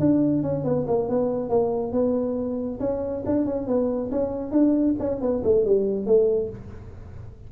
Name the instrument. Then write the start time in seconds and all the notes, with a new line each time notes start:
tuba
0.00 D4
0.43 C#4
0.64 B3
0.87 A#3
1.09 B3
1.50 A#3
1.92 B3
2.80 C#4
3.26 D4
3.45 C#4
3.67 B3
4.11 C#4
4.51 D4
5.00 C#4
5.21 B3
5.44 A3
5.65 G3
6.06 A3